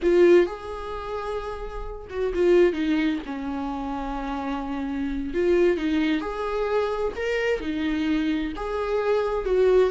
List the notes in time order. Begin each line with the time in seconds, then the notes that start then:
0.02 F4
0.46 G#4
2.09 F#4
2.34 F4
2.73 D#4
3.26 C#4
5.33 F4
5.77 D#4
6.20 G#4
7.16 A#4
7.60 D#4
8.56 G#4
9.45 F#4